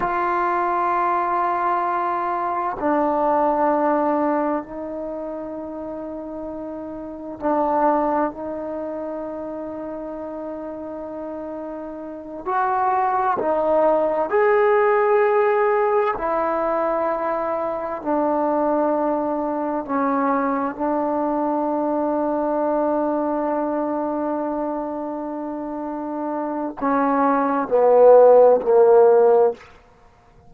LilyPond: \new Staff \with { instrumentName = "trombone" } { \time 4/4 \tempo 4 = 65 f'2. d'4~ | d'4 dis'2. | d'4 dis'2.~ | dis'4. fis'4 dis'4 gis'8~ |
gis'4. e'2 d'8~ | d'4. cis'4 d'4.~ | d'1~ | d'4 cis'4 b4 ais4 | }